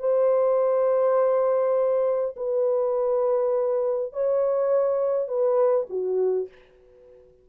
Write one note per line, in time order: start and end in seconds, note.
0.00 2.35 C5
2.37 4.13 B4
4.13 5.28 C#5
5.28 5.87 B4
5.90 6.48 F#4